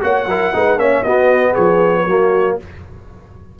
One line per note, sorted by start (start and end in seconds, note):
0.00 0.25 A#3
0.00 0.26 F#4
0.00 0.28 C#5
0.00 0.79 F#5
0.25 0.51 F#3
0.25 0.53 E4
0.25 0.53 A#4
0.53 0.75 G#3
0.53 0.78 D#4
0.53 0.79 B4
0.75 1.01 A#3
0.75 1.04 C#4
0.75 1.04 C#5
0.75 1.03 E5
1.03 1.55 B3
1.03 2.08 B3
1.03 1.52 F#4
1.03 1.54 D#5
1.52 2.06 F3
1.52 2.03 G#4
1.52 2.57 C#5
2.06 2.57 F#3
2.06 2.59 A#3
2.06 2.58 F#4